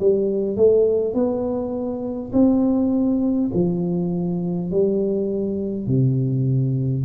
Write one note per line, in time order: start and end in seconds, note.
0.00 0.56 G3
0.56 1.14 A3
1.14 2.32 B3
2.33 3.50 C4
3.53 4.71 F3
4.71 5.87 G3
5.87 7.04 C3